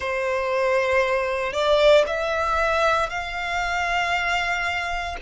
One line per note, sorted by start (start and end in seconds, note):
0.00 1.52 C5
1.52 2.04 D5
2.06 3.09 E5
3.09 5.16 F5